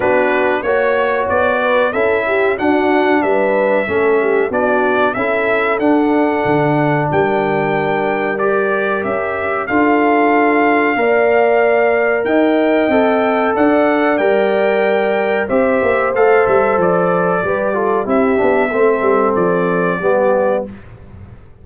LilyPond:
<<
  \new Staff \with { instrumentName = "trumpet" } { \time 4/4 \tempo 4 = 93 b'4 cis''4 d''4 e''4 | fis''4 e''2 d''4 | e''4 fis''2 g''4~ | g''4 d''4 e''4 f''4~ |
f''2. g''4~ | g''4 fis''4 g''2 | e''4 f''8 e''8 d''2 | e''2 d''2 | }
  \new Staff \with { instrumentName = "horn" } { \time 4/4 fis'4 cis''4. b'8 a'8 g'8 | fis'4 b'4 a'8 g'8 fis'4 | a'2. ais'4~ | ais'2. a'4~ |
a'4 d''2 dis''4~ | dis''4 d''2. | c''2. b'8 a'8 | g'4 a'2 g'4 | }
  \new Staff \with { instrumentName = "trombone" } { \time 4/4 d'4 fis'2 e'4 | d'2 cis'4 d'4 | e'4 d'2.~ | d'4 g'2 f'4~ |
f'4 ais'2. | a'2 ais'2 | g'4 a'2 g'8 f'8 | e'8 d'8 c'2 b4 | }
  \new Staff \with { instrumentName = "tuba" } { \time 4/4 b4 ais4 b4 cis'4 | d'4 g4 a4 b4 | cis'4 d'4 d4 g4~ | g2 cis'4 d'4~ |
d'4 ais2 dis'4 | c'4 d'4 g2 | c'8 ais8 a8 g8 f4 g4 | c'8 b8 a8 g8 f4 g4 | }
>>